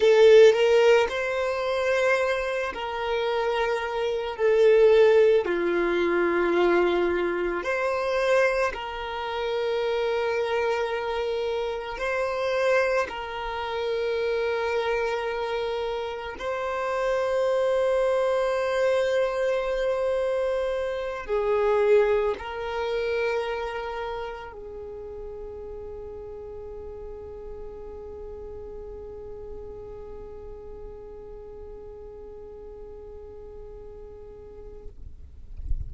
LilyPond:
\new Staff \with { instrumentName = "violin" } { \time 4/4 \tempo 4 = 55 a'8 ais'8 c''4. ais'4. | a'4 f'2 c''4 | ais'2. c''4 | ais'2. c''4~ |
c''2.~ c''8 gis'8~ | gis'8 ais'2 gis'4.~ | gis'1~ | gis'1 | }